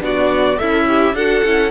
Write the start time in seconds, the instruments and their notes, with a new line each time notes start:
0.00 cello B3, viola D4, violin F#4 D5
0.57 cello C#4, violin E4 E5, viola A4
0.88 viola G4
1.14 cello D4, viola F#4, violin A4 F#5
1.44 cello C#4, viola E4